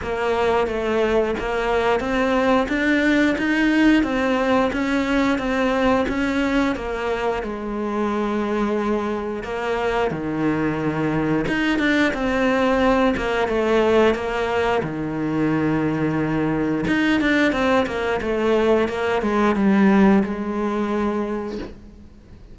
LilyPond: \new Staff \with { instrumentName = "cello" } { \time 4/4 \tempo 4 = 89 ais4 a4 ais4 c'4 | d'4 dis'4 c'4 cis'4 | c'4 cis'4 ais4 gis4~ | gis2 ais4 dis4~ |
dis4 dis'8 d'8 c'4. ais8 | a4 ais4 dis2~ | dis4 dis'8 d'8 c'8 ais8 a4 | ais8 gis8 g4 gis2 | }